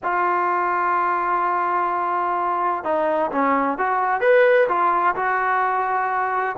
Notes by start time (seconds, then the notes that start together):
0.03 F4
2.84 D#4
3.31 C#4
3.78 F#4
4.20 B4
4.68 F4
5.15 F#4